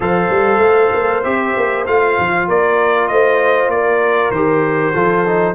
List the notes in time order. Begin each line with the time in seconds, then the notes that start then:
0.00 F3 A4 C5 F5
0.29 G3
0.58 A3
0.93 A#3
1.23 C4 G4 E5
1.56 A#3
1.86 A3 F4 F5
2.18 F3
2.48 A#3 A#4 D5
3.07 A3 C5 D#5
3.67 A#3 A#4 D5
4.30 D#3 G4 C5
4.93 F3 F4 A4
5.26 D#4